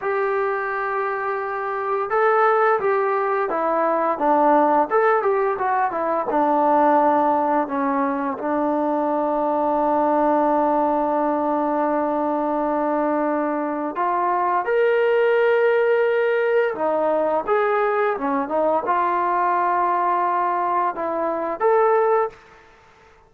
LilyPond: \new Staff \with { instrumentName = "trombone" } { \time 4/4 \tempo 4 = 86 g'2. a'4 | g'4 e'4 d'4 a'8 g'8 | fis'8 e'8 d'2 cis'4 | d'1~ |
d'1 | f'4 ais'2. | dis'4 gis'4 cis'8 dis'8 f'4~ | f'2 e'4 a'4 | }